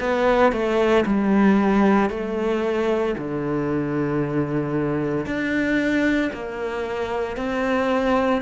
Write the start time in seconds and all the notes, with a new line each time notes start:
0.00 B3
0.52 A3
1.06 G3
2.10 A3
3.18 D3
5.26 D4
6.33 A#3
7.37 C4